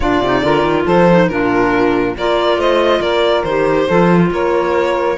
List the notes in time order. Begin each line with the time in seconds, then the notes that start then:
0.00 A#2 D4 F4 D5
0.20 C3 D#4
0.41 D3 F4 A#4
0.63 D#3
0.84 F3 A4 C5
1.11 D#4
1.28 A#2 D4 F4 A#4
2.17 A#3 F4 A#4 D5
2.56 A3 C5 D#5
3.00 A#3 A#4 D5
3.43 D#3 G4 C5
3.85 F3 F4 A4
4.30 A#3 A#4 C#5